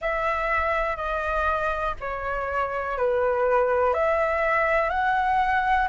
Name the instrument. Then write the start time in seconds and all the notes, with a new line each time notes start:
flute
0.00 E5
0.96 D#5
2.00 C#5
2.97 B4
3.93 E5
4.89 F#5